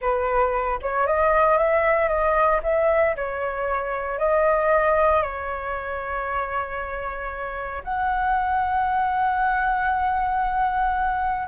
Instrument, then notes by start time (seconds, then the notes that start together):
flute
0.01 B4
0.82 C#5
1.06 D#5
1.57 E5
2.08 D#5
2.63 E5
3.16 C#5
4.18 D#5
5.22 C#5
7.84 F#5